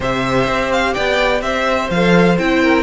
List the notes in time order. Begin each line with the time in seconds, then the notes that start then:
0.00 C3 G4 C5 E5
0.46 C4
0.72 F5
0.93 B3 D5 G5
1.41 C4 C5 E5
1.90 F3 A4 F5
2.38 C4 E4 G5
2.62 A#4